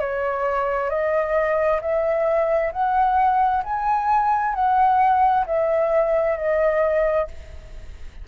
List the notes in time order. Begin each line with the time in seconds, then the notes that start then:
0.00 C#5
0.89 D#5
1.81 E5
2.72 F#5
3.64 G#5
4.54 F#5
5.45 E5
6.36 D#5